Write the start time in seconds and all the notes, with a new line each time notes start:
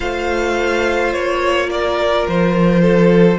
0.00 A3 F4 C5 F5
1.12 A#3 C#5
1.70 A#4 D5
2.27 F3 C5
2.81 A4